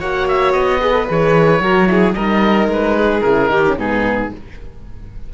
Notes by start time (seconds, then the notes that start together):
0.00 A#3 F#4 C#5 F#5
0.29 E5
0.53 B3 D#5
0.81 G#4 B4
0.93 A4
1.08 E3 G#4 C#5
1.61 F#3 F#4 A#4
1.88 E4 G#4
2.14 G3 D#4 A#4 D#5
2.68 G#3 B4
2.98 G#4
3.22 C#3 E4 A#4
3.47 D#3 D#4 G4
3.67 C#4
3.78 G#2 B3 D#4 G#4